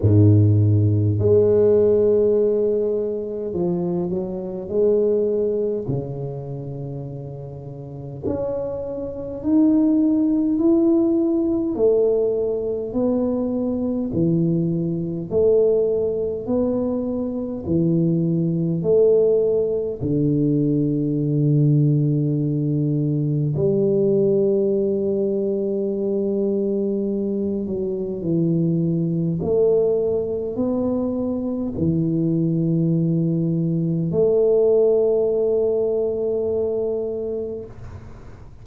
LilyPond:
\new Staff \with { instrumentName = "tuba" } { \time 4/4 \tempo 4 = 51 gis,4 gis2 f8 fis8 | gis4 cis2 cis'4 | dis'4 e'4 a4 b4 | e4 a4 b4 e4 |
a4 d2. | g2.~ g8 fis8 | e4 a4 b4 e4~ | e4 a2. | }